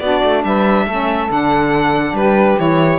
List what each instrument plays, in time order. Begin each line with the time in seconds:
0.00 cello B3, saxophone D4 F#4, violin D5
0.24 cello A3
0.45 cello G3, saxophone B4, violin E5
0.85 cello A3, saxophone C#4 A4
1.29 cello D3, saxophone D4, violin F#5
2.13 cello G3, saxophone G4, violin B4
2.58 cello E3, saxophone E4, violin C#5